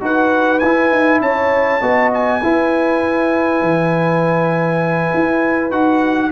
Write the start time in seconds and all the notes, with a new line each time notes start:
0.00 D#4 F#4 B4 F#5
0.59 E4 G#5
0.91 D#4
1.21 C#4 C#5 A5
1.81 B3 F#4 D#5
2.13 G#5
2.42 E4 B4
3.61 E3
5.14 E4
5.70 D#4 F#4 F#5